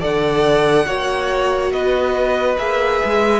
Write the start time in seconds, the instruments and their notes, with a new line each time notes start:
0.00 cello D3, viola A4, violin D5 F#5
0.86 cello A#3, viola F#4, violin C#5
1.72 cello B3, violin B4 D#5
2.57 cello A#3, viola G#4, violin E5
3.04 cello G#3